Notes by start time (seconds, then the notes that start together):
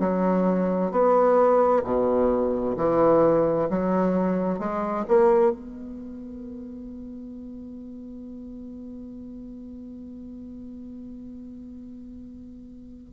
0.00 F#3
0.91 B3
1.84 B2
2.77 E3
3.70 F#3
4.59 G#3
5.08 A#3
5.51 B3